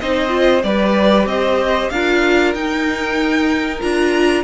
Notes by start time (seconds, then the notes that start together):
0.00 C4 D#4 C5 D#5
0.29 F4
0.64 G3 G4 B4 D5
1.26 C4 C5 D#5
1.90 D4 F4 A#4 F5
2.54 D#4 G5
3.81 D4 F4 A#5